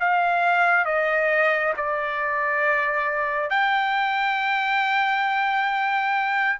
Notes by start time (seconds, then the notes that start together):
0.00 F5
0.85 D#5
1.76 D5
3.50 G5